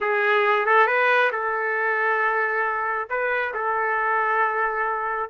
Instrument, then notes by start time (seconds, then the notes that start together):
trumpet
0.01 G#4
0.65 A4
0.86 B4
1.32 A4
3.09 B4
3.54 A4